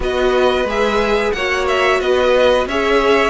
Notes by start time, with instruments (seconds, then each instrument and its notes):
0.00 cello B3, viola F#4, violin B4 D#5
0.64 cello G#3, viola G#4, violin E5
1.32 cello A#3, viola F#4, violin C#5 F#5
1.67 violin E5
2.00 cello B3, violin B4 D#5
2.66 cello C#4, viola G#4, violin C#5 E5